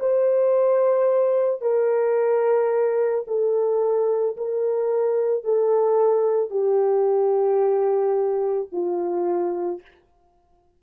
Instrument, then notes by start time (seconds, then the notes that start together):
horn
0.00 C5
1.62 A#4
3.28 A4
4.37 A#4
5.44 A4
6.51 G4
8.73 F4